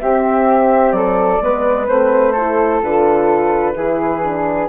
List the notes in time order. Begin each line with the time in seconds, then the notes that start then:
0.00 C4 G4 E5
0.92 F#3 A4 D5
1.42 G#3 B3 B4
1.88 A3 C4 C5
2.33 E4 A4
2.82 D3 F4 B4
3.75 E3 E4 G#4
4.24 D4